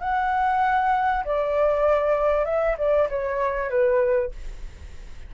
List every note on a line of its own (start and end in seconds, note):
0.00 1.24 F#5
1.24 2.45 D5
2.45 2.76 E5
2.78 3.08 D5
3.09 3.69 C#5
3.69 4.31 B4